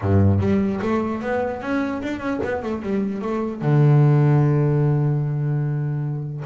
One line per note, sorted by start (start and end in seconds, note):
0.01 0.39 G2
0.39 0.80 G3
0.81 1.21 A3
1.21 1.61 B3
1.61 2.01 C#4
2.02 2.19 D4
2.19 2.39 C#4
2.43 2.62 B3
2.62 2.82 A3
2.82 3.21 G3
3.21 3.61 A3
3.61 6.43 D3